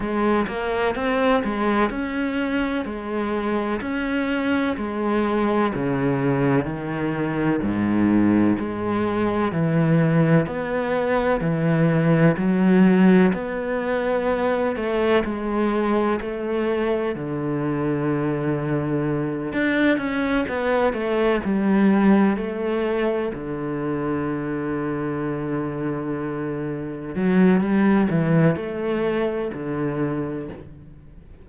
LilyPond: \new Staff \with { instrumentName = "cello" } { \time 4/4 \tempo 4 = 63 gis8 ais8 c'8 gis8 cis'4 gis4 | cis'4 gis4 cis4 dis4 | gis,4 gis4 e4 b4 | e4 fis4 b4. a8 |
gis4 a4 d2~ | d8 d'8 cis'8 b8 a8 g4 a8~ | a8 d2.~ d8~ | d8 fis8 g8 e8 a4 d4 | }